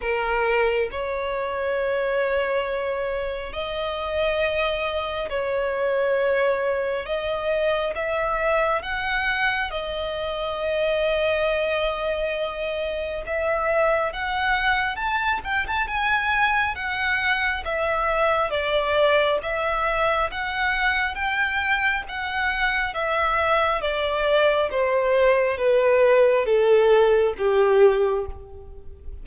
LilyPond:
\new Staff \with { instrumentName = "violin" } { \time 4/4 \tempo 4 = 68 ais'4 cis''2. | dis''2 cis''2 | dis''4 e''4 fis''4 dis''4~ | dis''2. e''4 |
fis''4 a''8 g''16 a''16 gis''4 fis''4 | e''4 d''4 e''4 fis''4 | g''4 fis''4 e''4 d''4 | c''4 b'4 a'4 g'4 | }